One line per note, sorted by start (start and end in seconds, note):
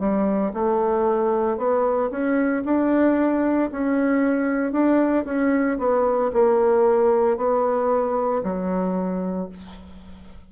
0.00 0.53 G3
0.54 1.58 A3
1.58 2.11 B3
2.11 2.64 C#4
2.66 3.71 D4
3.72 4.73 C#4
4.73 5.25 D4
5.25 5.78 C#4
5.79 6.32 B3
6.33 7.37 A#3
7.37 8.43 B3
8.44 9.49 F#3